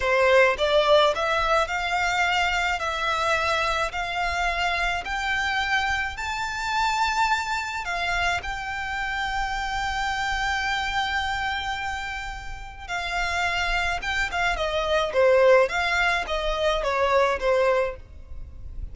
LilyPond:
\new Staff \with { instrumentName = "violin" } { \time 4/4 \tempo 4 = 107 c''4 d''4 e''4 f''4~ | f''4 e''2 f''4~ | f''4 g''2 a''4~ | a''2 f''4 g''4~ |
g''1~ | g''2. f''4~ | f''4 g''8 f''8 dis''4 c''4 | f''4 dis''4 cis''4 c''4 | }